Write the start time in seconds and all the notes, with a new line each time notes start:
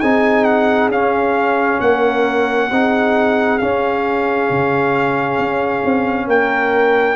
0.00 C4 D#4 G#4 G#5
0.44 F#5
0.89 C#4 F5
1.80 A#3 A#4 F#5
2.71 C4 D#4 G#4
3.59 C#4 F5
4.50 C#3
5.38 C#4
5.85 C4
6.27 A#3 A#4 G5